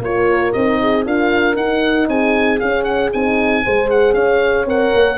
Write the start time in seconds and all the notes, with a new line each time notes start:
0.00 A#3 F4 A#4 C#5
0.52 C4 D#4 D#5
0.80 G#4
1.04 D4 F4 A#4 F5
1.55 D#4 F#5
2.08 C4 G#4 G#5
2.59 C#4 F5
2.84 F#5
3.13 C4 D#4 G#5
3.63 G#3 G#4 C5
3.90 F#5
4.13 C#4 C#5 F5
4.65 C4 A#4 F#5
4.94 A#3